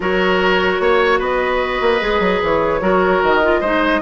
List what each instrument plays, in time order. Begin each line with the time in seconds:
0.00 bassoon F#3, clarinet F#4, oboe A#4, flute C#5
0.79 bassoon A#3, oboe C#5
1.19 bassoon B3, oboe B4, flute D#5
1.80 bassoon A#3
2.00 bassoon G#3, clarinet G#4
2.19 bassoon F#3
2.43 bassoon E3, flute C#5
2.80 bassoon F#3, clarinet F#4, oboe A#4
3.22 bassoon D#3, flute D#5
3.43 clarinet F4
3.60 bassoon G#3, clarinet D#4, oboe C5